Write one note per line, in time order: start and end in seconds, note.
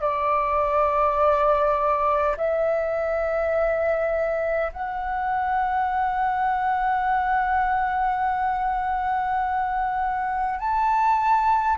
0.00 2.35 D5
2.36 4.72 E5
4.72 10.59 F#5
10.59 11.76 A5